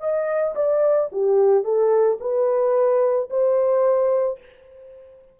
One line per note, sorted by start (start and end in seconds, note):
0.00 0.55 D#5
0.55 1.10 D5
1.12 1.64 G4
1.64 2.18 A4
2.20 3.29 B4
3.30 4.39 C5